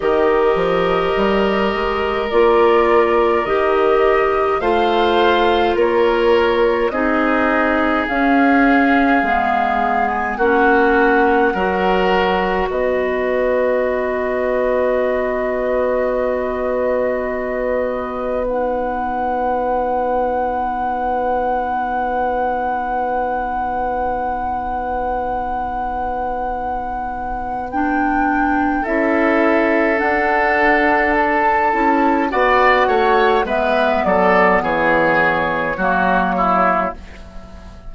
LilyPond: <<
  \new Staff \with { instrumentName = "flute" } { \time 4/4 \tempo 4 = 52 dis''2 d''4 dis''4 | f''4 cis''4 dis''4 f''4~ | f''8. gis''16 fis''2 dis''4~ | dis''1 |
fis''1~ | fis''1 | g''4 e''4 fis''4 a''4 | fis''4 e''8 d''8 cis''2 | }
  \new Staff \with { instrumentName = "oboe" } { \time 4/4 ais'1 | c''4 ais'4 gis'2~ | gis'4 fis'4 ais'4 b'4~ | b'1~ |
b'1~ | b'1~ | b'4 a'2. | d''8 cis''8 b'8 a'8 gis'4 fis'8 e'8 | }
  \new Staff \with { instrumentName = "clarinet" } { \time 4/4 g'2 f'4 g'4 | f'2 dis'4 cis'4 | b4 cis'4 fis'2~ | fis'1 |
dis'1~ | dis'1 | d'4 e'4 d'4. e'8 | fis'4 b2 ais4 | }
  \new Staff \with { instrumentName = "bassoon" } { \time 4/4 dis8 f8 g8 gis8 ais4 dis4 | a4 ais4 c'4 cis'4 | gis4 ais4 fis4 b4~ | b1~ |
b1~ | b1~ | b4 cis'4 d'4. cis'8 | b8 a8 gis8 fis8 e4 fis4 | }
>>